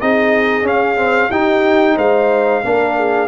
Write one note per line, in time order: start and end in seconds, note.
0.00 0.62 C4
0.00 0.63 D#4
0.00 1.30 G#4
0.00 0.66 D#5
0.62 1.28 C#4
0.62 0.96 C#4
0.62 1.31 F5
0.96 1.29 C4
1.30 1.96 D#4
1.30 2.63 D#4
1.30 1.95 G4
1.30 1.97 G5
1.95 2.63 G#3
1.95 2.61 C5
1.95 3.28 F5
2.63 3.28 A#3
2.63 3.28 D4
2.63 2.97 A#4
2.97 3.28 G#4